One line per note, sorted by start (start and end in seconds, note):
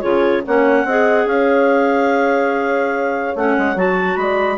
0.00 0.45 C#3
0.00 0.43 F4
0.00 0.42 G#4
0.00 0.42 C#5
0.44 0.84 A#3
0.44 0.88 C#4
0.44 0.86 C#5
0.44 1.27 F#5
0.84 1.25 C4
0.84 3.36 G#4
0.84 1.28 D#5
1.25 3.33 C#4
1.25 4.21 C#5
1.25 3.35 F5
3.35 3.56 A3
3.35 3.76 C#4
3.35 3.78 F#5
3.58 3.75 G#3
3.75 4.16 F#3
3.75 4.58 F#4
3.75 4.16 A5
4.16 4.58 G#3
4.16 4.58 D5
4.16 4.58 B5